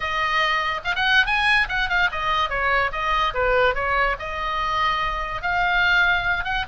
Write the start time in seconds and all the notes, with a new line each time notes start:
0.00 D#5
0.84 F5
0.95 F#5
1.25 G#5
1.68 F#5
1.89 F5
2.11 D#5
2.49 C#5
2.92 D#5
3.34 B4
3.74 C#5
4.19 D#5
5.41 F5
6.44 F#5